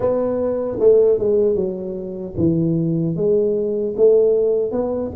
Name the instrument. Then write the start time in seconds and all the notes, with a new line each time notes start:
tuba
0.00 B3
0.79 A3
1.18 G#3
1.55 F#3
2.37 E3
3.15 G#3
3.97 A3
4.71 B3